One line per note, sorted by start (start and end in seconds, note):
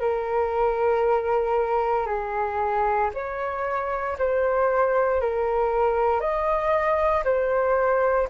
0.00 2.06 A#4
2.06 3.10 G#4
3.14 4.17 C#5
4.18 5.21 C5
5.21 6.20 A#4
6.20 7.24 D#5
7.25 8.28 C5